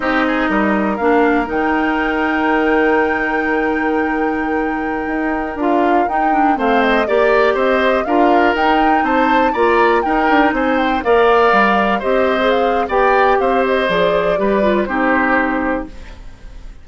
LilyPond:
<<
  \new Staff \with { instrumentName = "flute" } { \time 4/4 \tempo 4 = 121 dis''2 f''4 g''4~ | g''1~ | g''2.~ g''16 f''8.~ | f''16 g''4 f''8 dis''8 d''4 dis''8.~ |
dis''16 f''4 g''4 a''4 ais''8.~ | ais''16 g''4 gis''8 g''8 f''4.~ f''16~ | f''16 dis''4 f''8. g''4 f''8 dis''8 | d''2 c''2 | }
  \new Staff \with { instrumentName = "oboe" } { \time 4/4 g'8 gis'8 ais'2.~ | ais'1~ | ais'1~ | ais'4~ ais'16 c''4 d''4 c''8.~ |
c''16 ais'2 c''4 d''8.~ | d''16 ais'4 c''4 d''4.~ d''16~ | d''16 c''4.~ c''16 d''4 c''4~ | c''4 b'4 g'2 | }
  \new Staff \with { instrumentName = "clarinet" } { \time 4/4 dis'2 d'4 dis'4~ | dis'1~ | dis'2.~ dis'16 f'8.~ | f'16 dis'8 d'8 c'4 g'4.~ g'16~ |
g'16 f'4 dis'2 f'8.~ | f'16 dis'2 ais'4.~ ais'16~ | ais'16 g'8. gis'4 g'2 | gis'4 g'8 f'8 dis'2 | }
  \new Staff \with { instrumentName = "bassoon" } { \time 4/4 c'4 g4 ais4 dis4~ | dis1~ | dis2~ dis16 dis'4 d'8.~ | d'16 dis'4 a4 ais4 c'8.~ |
c'16 d'4 dis'4 c'4 ais8.~ | ais16 dis'8 d'8 c'4 ais4 g8.~ | g16 c'4.~ c'16 b4 c'4 | f4 g4 c'2 | }
>>